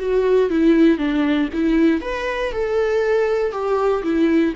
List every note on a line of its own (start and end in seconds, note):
0.00 0.51 F#4
0.51 0.99 E4
0.99 1.50 D4
1.54 2.02 E4
2.02 2.53 B4
2.53 3.52 A4
3.52 4.03 G4
4.04 4.55 E4